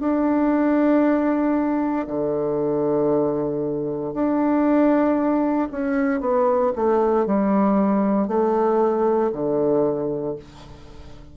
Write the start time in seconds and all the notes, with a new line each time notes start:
0.00 D4
2.07 D3
4.13 D4
5.71 C#4
6.20 B3
6.75 A3
7.26 G3
8.28 A3
9.32 D3